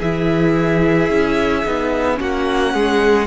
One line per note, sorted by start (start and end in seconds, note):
0.00 1.10 E3
0.00 1.65 E4
0.00 2.18 G#4
0.00 2.19 E5
1.10 1.65 C#4
1.65 2.20 B3
1.65 2.16 D#4
2.16 2.75 A#3
2.16 3.25 C#4
2.16 2.75 F#4
2.16 3.27 F#5
2.75 3.27 G#3
2.75 3.27 G#4